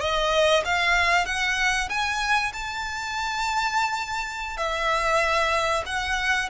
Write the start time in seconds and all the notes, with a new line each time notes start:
0.00 D#5
0.65 F5
1.25 F#5
1.89 G#5
2.53 A5
4.57 E5
5.86 F#5